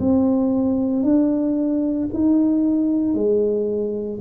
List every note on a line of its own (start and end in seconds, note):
0.00 1.03 C4
1.03 2.09 D4
2.14 3.15 D#4
3.15 4.20 G#3